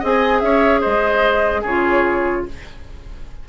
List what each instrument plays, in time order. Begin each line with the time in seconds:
0.00 bassoon C4, clarinet G#4, oboe D#5, flute G#5
0.40 bassoon C#4, oboe C#5, flute E5
0.81 bassoon G#3, oboe C5, flute D#5
1.62 bassoon C#3, clarinet F4, oboe G#4, flute C#5